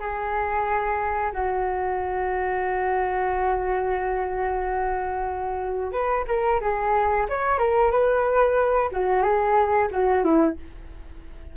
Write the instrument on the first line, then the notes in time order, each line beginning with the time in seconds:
flute
0.00 G#4
1.33 F#4
5.93 B4
6.28 A#4
6.61 G#4
7.30 C#5
7.59 A#4
7.92 B4
8.92 F#4
9.23 G#4
9.92 F#4
10.24 E4